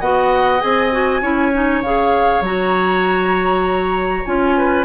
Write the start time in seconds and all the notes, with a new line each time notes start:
0.00 B3 F#4 D#5 F#5
0.60 C4 G#4 G#5
0.92 F#4
1.22 C#4 E4 C#5
1.53 D#4
1.82 C#3 G#4 F5
2.41 F#3 F#4 A#5
4.25 C#4 F4 G#5
4.57 B4